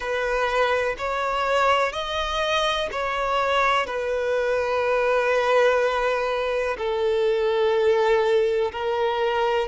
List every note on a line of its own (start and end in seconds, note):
0.00 0.95 B4
0.98 1.92 C#5
1.92 2.89 D#5
2.91 3.86 C#5
3.86 6.76 B4
6.77 8.71 A4
8.71 9.68 A#4